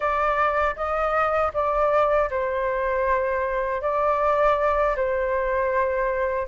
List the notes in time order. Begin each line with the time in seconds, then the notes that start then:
0.00 D5
0.76 D#5
1.53 D5
2.30 C5
3.81 D5
4.95 C5